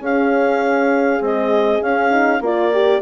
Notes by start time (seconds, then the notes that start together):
0.00 C#4 G#4 F5
1.21 G#3 C4 D#5
1.83 C#4 F5
2.11 D#4
2.41 A#3 F4 A#4 D5
2.73 G4